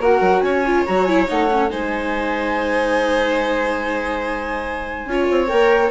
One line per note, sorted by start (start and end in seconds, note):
0.00 0.21 A#3
0.00 0.65 F#4
0.00 0.42 A#4
0.00 0.41 F#5
0.21 0.42 F#3
0.41 0.84 C#4
0.41 1.71 C#5
0.41 0.84 G#5
0.66 0.87 F4
0.87 1.30 F#3
0.87 1.08 F#4
0.87 1.05 A#5
1.05 1.28 E4
1.05 1.26 G#5
1.28 1.73 A3
1.28 1.49 D#4
1.28 1.70 F#5
1.51 1.70 C#4
1.70 5.06 G#3
1.70 5.08 D#4
1.70 5.10 C5
1.70 5.48 G#5
5.06 5.27 C#4
5.06 5.48 F4
5.06 5.91 C#5
5.31 5.52 C4
5.48 5.91 A#3
5.48 5.90 A#4
5.48 5.90 G5